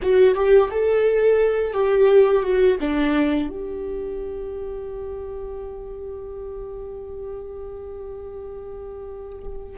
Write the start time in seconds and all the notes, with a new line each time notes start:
0.02 F#4
0.35 G4
0.70 A4
1.73 G4
2.42 F#4
2.80 D4
3.49 G4